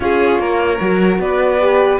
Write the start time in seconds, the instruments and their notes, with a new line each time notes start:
0.00 cello C#4, horn F4, violin G#4, flute C#5
0.39 cello A#3, violin A#4
0.80 cello F#3, horn F#4
1.19 cello B3, violin B4, flute D5
1.60 horn G4